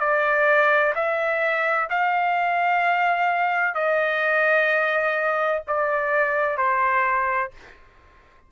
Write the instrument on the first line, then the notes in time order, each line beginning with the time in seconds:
trumpet
0.00 D5
0.95 E5
1.90 F5
3.75 D#5
5.68 D5
6.58 C5